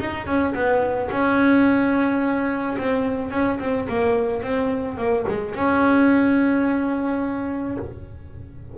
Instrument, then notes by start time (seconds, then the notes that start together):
double bass
0.00 D#4
0.26 C#4
0.54 B3
1.11 C#4
2.78 C4
3.31 C#4
3.60 C4
3.88 A#3
4.42 C4
4.97 A#3
5.28 G#3
5.55 C#4